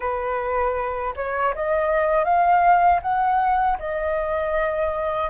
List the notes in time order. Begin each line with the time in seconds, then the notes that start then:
0.00 B4
1.16 C#5
1.55 D#5
2.24 F5
3.02 F#5
3.78 D#5